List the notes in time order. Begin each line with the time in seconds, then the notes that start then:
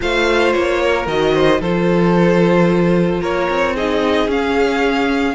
0.00 A3 F4 C5 F5
0.52 A#3 C#5
0.82 A#4
1.06 D#3 F#4 D#5
1.34 C5
1.60 F3 F4 A4 C5
3.21 A#3 A#4 C#5
3.50 C4
3.74 D#4 G#4 D#5
4.27 C#4 F5